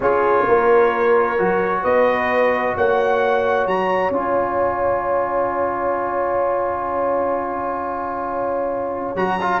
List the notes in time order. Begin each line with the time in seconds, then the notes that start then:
0.00 C#4 F4 G#4 C#5
0.47 A#3 A#4
1.38 F#3 F#4
1.81 B3 B4 D#5
2.76 A#3 C#5 F#5
3.66 F#3 A#5
4.10 C#4 F4 G#5
9.15 F#3 F#4 A#5
9.41 F4